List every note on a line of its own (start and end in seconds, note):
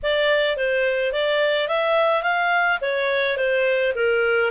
0.02 0.56 D5
0.56 1.12 C5
1.12 1.67 D5
1.67 2.23 E5
2.23 2.79 F5
2.81 3.37 C#5
3.37 3.93 C5
3.95 4.50 A#4